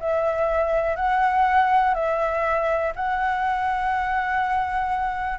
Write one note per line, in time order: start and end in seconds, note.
0.00 0.96 E5
0.96 1.94 F#5
1.94 2.93 E5
2.96 5.39 F#5